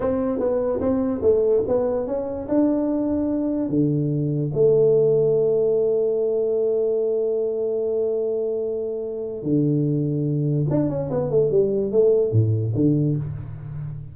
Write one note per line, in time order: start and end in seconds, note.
0.00 0.39 C4
0.39 0.80 B3
0.80 1.21 C4
1.22 1.63 A3
1.67 2.06 B3
2.06 2.47 C#4
2.48 3.69 D4
3.69 4.51 D3
4.53 9.42 A3
9.42 10.66 D3
10.70 10.89 D4
10.89 11.09 C#4
11.10 11.30 B3
11.30 11.50 A3
11.50 11.91 G3
11.91 12.32 A3
12.32 12.73 A2
12.75 13.16 D3